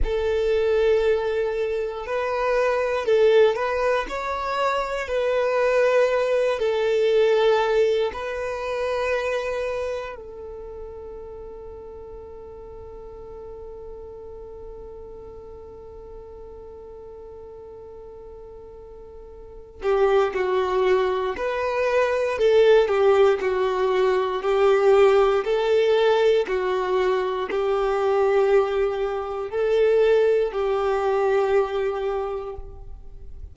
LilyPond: \new Staff \with { instrumentName = "violin" } { \time 4/4 \tempo 4 = 59 a'2 b'4 a'8 b'8 | cis''4 b'4. a'4. | b'2 a'2~ | a'1~ |
a'2.~ a'8 g'8 | fis'4 b'4 a'8 g'8 fis'4 | g'4 a'4 fis'4 g'4~ | g'4 a'4 g'2 | }